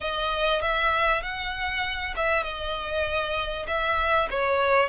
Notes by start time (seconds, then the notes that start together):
0.00 D#5
0.61 E5
1.22 F#5
2.16 E5
2.43 D#5
3.67 E5
4.30 C#5